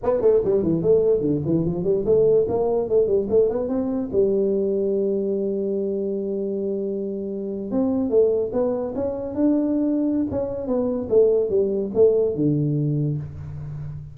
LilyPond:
\new Staff \with { instrumentName = "tuba" } { \time 4/4 \tempo 4 = 146 b8 a8 g8 e8 a4 d8 e8 | f8 g8 a4 ais4 a8 g8 | a8 b8 c'4 g2~ | g1~ |
g2~ g8. c'4 a16~ | a8. b4 cis'4 d'4~ d'16~ | d'4 cis'4 b4 a4 | g4 a4 d2 | }